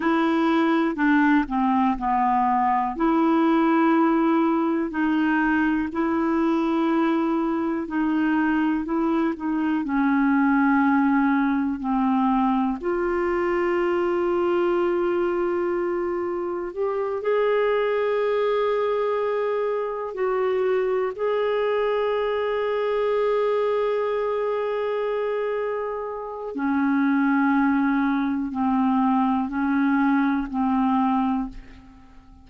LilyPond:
\new Staff \with { instrumentName = "clarinet" } { \time 4/4 \tempo 4 = 61 e'4 d'8 c'8 b4 e'4~ | e'4 dis'4 e'2 | dis'4 e'8 dis'8 cis'2 | c'4 f'2.~ |
f'4 g'8 gis'2~ gis'8~ | gis'8 fis'4 gis'2~ gis'8~ | gis'2. cis'4~ | cis'4 c'4 cis'4 c'4 | }